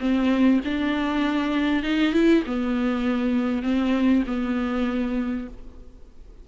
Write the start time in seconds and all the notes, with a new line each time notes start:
0.00 C4
0.65 D4
1.83 D#4
2.13 E4
2.47 B3
3.63 C4
4.27 B3